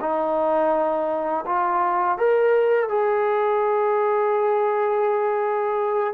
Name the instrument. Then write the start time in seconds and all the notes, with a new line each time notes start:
trombone
0.00 D#4
1.46 F4
2.18 A#4
2.88 G#4